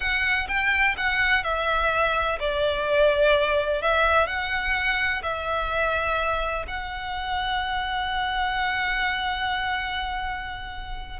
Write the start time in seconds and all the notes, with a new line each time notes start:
0.00 F#5
0.48 G5
0.97 F#5
1.43 E5
2.39 D5
3.81 E5
4.26 F#5
5.23 E5
6.67 F#5